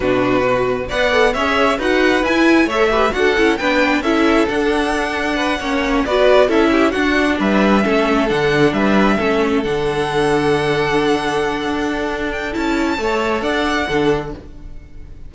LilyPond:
<<
  \new Staff \with { instrumentName = "violin" } { \time 4/4 \tempo 4 = 134 b'2 fis''4 e''4 | fis''4 gis''4 e''4 fis''4 | g''4 e''4 fis''2~ | fis''4. d''4 e''4 fis''8~ |
fis''8 e''2 fis''4 e''8~ | e''4. fis''2~ fis''8~ | fis''2.~ fis''8 g''8 | a''2 fis''2 | }
  \new Staff \with { instrumentName = "violin" } { \time 4/4 fis'2 d''4 cis''4 | b'2 cis''8 b'8 a'4 | b'4 a'2. | b'8 cis''4 b'4 a'8 g'8 fis'8~ |
fis'8 b'4 a'2 b'8~ | b'8 a'2.~ a'8~ | a'1~ | a'4 cis''4 d''4 a'4 | }
  \new Staff \with { instrumentName = "viola" } { \time 4/4 d'4 fis'4 b'8 a'8 gis'4 | fis'4 e'4 a'8 g'8 fis'8 e'8 | d'4 e'4 d'2~ | d'8 cis'4 fis'4 e'4 d'8~ |
d'4. cis'4 d'4.~ | d'8 cis'4 d'2~ d'8~ | d'1 | e'4 a'2 d'4 | }
  \new Staff \with { instrumentName = "cello" } { \time 4/4 b,2 b4 cis'4 | dis'4 e'4 a4 d'8 cis'8 | b4 cis'4 d'2~ | d'8 ais4 b4 cis'4 d'8~ |
d'8 g4 a4 d4 g8~ | g8 a4 d2~ d8~ | d2 d'2 | cis'4 a4 d'4 d4 | }
>>